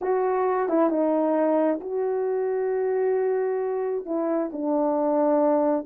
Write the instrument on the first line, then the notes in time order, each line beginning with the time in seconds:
horn
0.01 F#4
0.68 E4
0.89 D#4
1.80 F#4
4.05 E4
4.52 D4